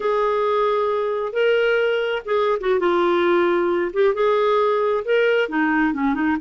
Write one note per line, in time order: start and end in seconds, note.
0.00 1.32 G#4
1.32 2.22 A#4
2.25 2.58 G#4
2.60 2.79 F#4
2.79 3.91 F4
3.93 4.14 G4
4.14 5.04 G#4
5.05 5.49 A#4
5.49 5.93 D#4
5.93 6.14 C#4
6.14 6.36 D#4